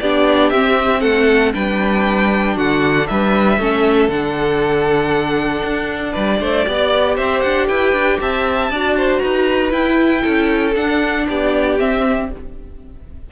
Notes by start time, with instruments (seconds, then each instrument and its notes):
0.00 cello B3, viola D4, violin G4 D5
0.50 cello C4, viola C4, violin E5
1.01 cello A3, violin A4 F#5
1.54 cello G3, viola D4, violin B4 G5
2.56 cello D3, violin F#4 F#5
3.07 cello G3, violin B4 E5
3.58 cello A3, viola C#4, violin A4
4.08 cello D3, viola D4, violin F#5
5.64 cello D4
6.12 cello G3, violin B4 D5
6.40 cello A3, violin C5
6.66 cello B3, viola G4, violin D5
7.16 cello C4, violin C5 E5
7.41 cello D4, violin F#5
7.68 cello E4, violin B4 G5
7.93 cello D4
8.20 cello C4, violin E5 A5
8.70 cello D4, viola F#4, violin D5
8.97 violin C5
9.18 cello D#4, violin B4 A#5
9.71 viola E4, cello E4, violin G5
10.22 cello C#4, violin A4
10.75 cello D4, viola D4, violin F#5
11.28 cello B3, violin G4 D5
11.78 viola C4, cello C4, violin E5